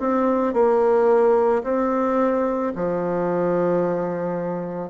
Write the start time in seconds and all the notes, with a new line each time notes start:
0.00 C4
0.54 A#3
1.64 C4
2.75 F3